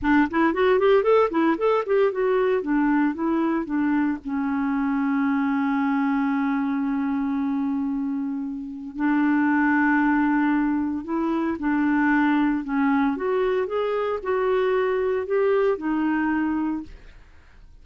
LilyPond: \new Staff \with { instrumentName = "clarinet" } { \time 4/4 \tempo 4 = 114 d'8 e'8 fis'8 g'8 a'8 e'8 a'8 g'8 | fis'4 d'4 e'4 d'4 | cis'1~ | cis'1~ |
cis'4 d'2.~ | d'4 e'4 d'2 | cis'4 fis'4 gis'4 fis'4~ | fis'4 g'4 dis'2 | }